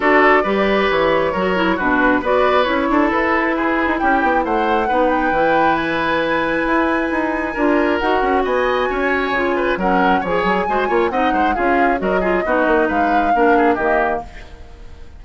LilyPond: <<
  \new Staff \with { instrumentName = "flute" } { \time 4/4 \tempo 4 = 135 d''2 cis''2 | b'4 d''4 cis''4 b'4~ | b'4 g''4 fis''4. g''8~ | g''4 gis''2.~ |
gis''2 fis''4 gis''4~ | gis''2 fis''4 gis''4~ | gis''4 fis''4 f''4 dis''4~ | dis''4 f''2 dis''4 | }
  \new Staff \with { instrumentName = "oboe" } { \time 4/4 a'4 b'2 ais'4 | fis'4 b'4. a'4. | gis'4 g'4 c''4 b'4~ | b'1~ |
b'4 ais'2 dis''4 | cis''4. b'8 ais'4 cis''4 | c''8 cis''8 dis''8 c''8 gis'4 ais'8 gis'8 | fis'4 b'4 ais'8 gis'8 g'4 | }
  \new Staff \with { instrumentName = "clarinet" } { \time 4/4 fis'4 g'2 fis'8 e'8 | d'4 fis'4 e'2~ | e'2. dis'4 | e'1~ |
e'4 f'4 fis'2~ | fis'4 f'4 cis'4 gis'4 | fis'8 f'8 dis'4 f'4 fis'8 f'8 | dis'2 d'4 ais4 | }
  \new Staff \with { instrumentName = "bassoon" } { \time 4/4 d'4 g4 e4 fis4 | b,4 b4 cis'8 d'8 e'4~ | e'8. dis'16 cis'8 b8 a4 b4 | e2. e'4 |
dis'4 d'4 dis'8 cis'8 b4 | cis'4 cis4 fis4 f8 fis8 | gis8 ais8 c'8 gis8 cis'4 fis4 | b8 ais8 gis4 ais4 dis4 | }
>>